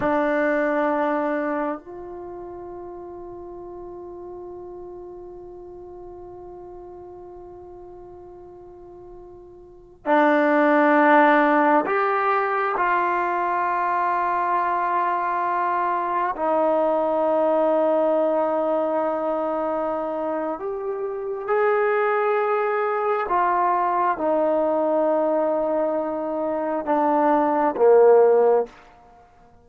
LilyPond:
\new Staff \with { instrumentName = "trombone" } { \time 4/4 \tempo 4 = 67 d'2 f'2~ | f'1~ | f'2.~ f'16 d'8.~ | d'4~ d'16 g'4 f'4.~ f'16~ |
f'2~ f'16 dis'4.~ dis'16~ | dis'2. g'4 | gis'2 f'4 dis'4~ | dis'2 d'4 ais4 | }